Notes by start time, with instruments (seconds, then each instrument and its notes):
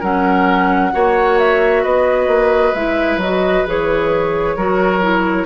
0.00 bassoon F#3, clarinet C#4, oboe A#4, flute F#5
0.92 bassoon A#3, clarinet F#4, oboe C#5
1.39 flute E5
1.83 bassoon B3, oboe B4, flute D#5
2.27 bassoon A#3
2.74 bassoon G#3, clarinet E4, flute E5
3.17 bassoon F#3, flute D#5
3.23 clarinet F#4
3.67 bassoon E3, clarinet G#4, flute C#5
4.56 bassoon F#3, clarinet F#4, oboe A#4
5.01 clarinet E4